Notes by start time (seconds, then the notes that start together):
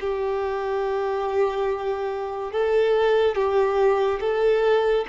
0.00 G4
2.52 A4
3.35 G4
4.20 A4